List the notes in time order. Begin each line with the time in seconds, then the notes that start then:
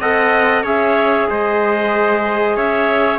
0.00 C4 A4 D#5 F#5
0.63 C#4 G#4 C#5 E5
1.30 G#3 C5 D#5
2.56 C#4 C#5 E5